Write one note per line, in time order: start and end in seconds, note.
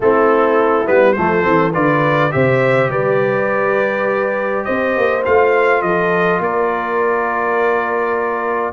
0.00 0.87 A3
0.00 0.85 C4
0.00 1.15 E4
0.00 0.87 A4
0.85 1.17 G3
0.85 1.14 B3
0.85 1.12 B4
1.12 1.46 F3
1.12 1.42 A3
1.12 1.73 A4
1.12 1.71 C5
1.42 1.75 E3
1.42 1.72 C4
1.73 2.33 D3
1.73 2.30 F4
1.73 2.32 B4
1.73 2.32 D5
2.30 2.89 C3
2.30 5.21 G4
2.30 2.91 C5
2.30 2.90 E5
2.89 4.63 G3
2.89 4.65 B4
2.89 4.64 D5
4.64 4.96 C4
4.64 5.82 C5
4.64 5.22 D#5
4.96 5.25 A#3
5.25 5.82 A3
5.25 8.72 F4
5.25 5.82 F5
5.82 6.39 F3
5.82 6.41 A4
5.82 6.40 D#5
6.39 8.72 A#3
6.39 8.72 A#4
6.39 8.72 D5